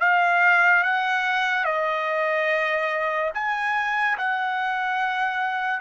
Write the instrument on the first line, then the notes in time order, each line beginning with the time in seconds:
trumpet
0.00 F5
0.83 F#5
1.64 D#5
3.34 G#5
4.18 F#5